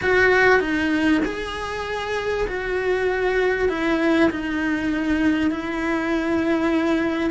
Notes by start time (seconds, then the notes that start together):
0.02 F#4
0.60 D#4
1.24 G#4
2.47 F#4
3.68 E4
4.30 D#4
5.50 E4